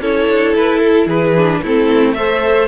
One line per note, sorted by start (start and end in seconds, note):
0.00 0.27 C#4
0.00 1.35 E4
0.00 1.07 A4
0.00 0.55 C#5
0.27 0.54 D4
0.54 1.06 E4
0.54 0.79 B4
0.79 1.06 A4
1.06 1.60 E3
1.06 1.61 G#4
1.06 1.63 B4
1.36 1.63 D4
1.62 2.68 A3
1.62 2.16 C4
1.62 2.16 E4
1.62 2.14 A4
2.14 2.68 A4
2.14 2.68 C5
2.14 2.67 E5